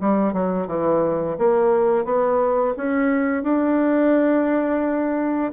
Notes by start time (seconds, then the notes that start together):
0.00 G3
0.33 F#3
0.67 E3
1.38 A#3
2.05 B3
2.77 C#4
3.43 D4